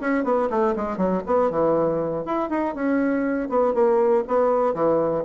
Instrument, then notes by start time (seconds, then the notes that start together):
bassoon
0.00 C#4
0.24 B3
0.50 A3
0.76 G#3
0.97 F#3
1.26 B3
1.50 E3
2.25 E4
2.49 D#4
2.74 C#4
3.49 B3
3.74 A#3
4.27 B3
4.74 E3